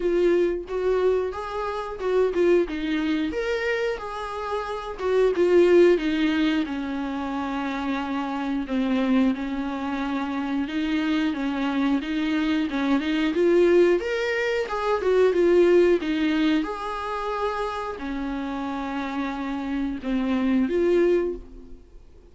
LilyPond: \new Staff \with { instrumentName = "viola" } { \time 4/4 \tempo 4 = 90 f'4 fis'4 gis'4 fis'8 f'8 | dis'4 ais'4 gis'4. fis'8 | f'4 dis'4 cis'2~ | cis'4 c'4 cis'2 |
dis'4 cis'4 dis'4 cis'8 dis'8 | f'4 ais'4 gis'8 fis'8 f'4 | dis'4 gis'2 cis'4~ | cis'2 c'4 f'4 | }